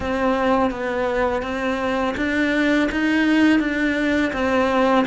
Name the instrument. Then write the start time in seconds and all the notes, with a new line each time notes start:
cello
0.00 C4
0.70 B3
1.42 C4
2.17 D4
2.91 D#4
3.59 D4
4.32 C4